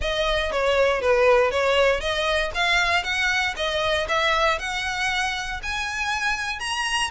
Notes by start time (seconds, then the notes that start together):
0.01 D#5
0.51 C#5
1.01 B4
1.51 C#5
2.00 D#5
2.54 F5
3.03 F#5
3.56 D#5
4.08 E5
4.59 F#5
5.62 G#5
6.59 A#5